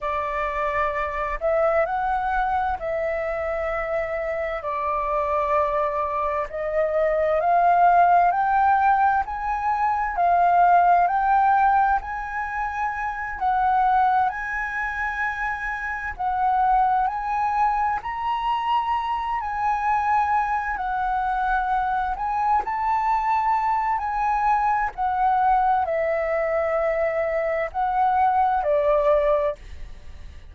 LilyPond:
\new Staff \with { instrumentName = "flute" } { \time 4/4 \tempo 4 = 65 d''4. e''8 fis''4 e''4~ | e''4 d''2 dis''4 | f''4 g''4 gis''4 f''4 | g''4 gis''4. fis''4 gis''8~ |
gis''4. fis''4 gis''4 ais''8~ | ais''4 gis''4. fis''4. | gis''8 a''4. gis''4 fis''4 | e''2 fis''4 d''4 | }